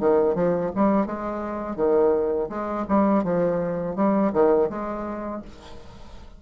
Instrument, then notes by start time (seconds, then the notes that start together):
bassoon
0.00 D#3
0.35 F3
0.76 G3
1.06 G#3
1.77 D#3
2.50 G#3
2.89 G3
3.24 F3
3.96 G3
4.33 D#3
4.70 G#3